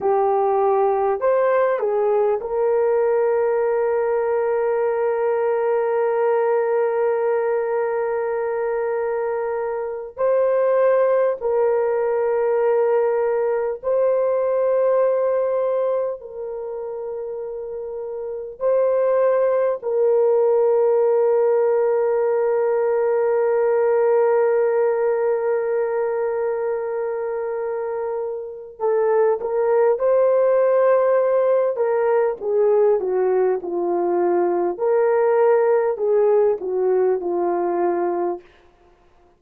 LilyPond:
\new Staff \with { instrumentName = "horn" } { \time 4/4 \tempo 4 = 50 g'4 c''8 gis'8 ais'2~ | ais'1~ | ais'8 c''4 ais'2 c''8~ | c''4. ais'2 c''8~ |
c''8 ais'2.~ ais'8~ | ais'1 | a'8 ais'8 c''4. ais'8 gis'8 fis'8 | f'4 ais'4 gis'8 fis'8 f'4 | }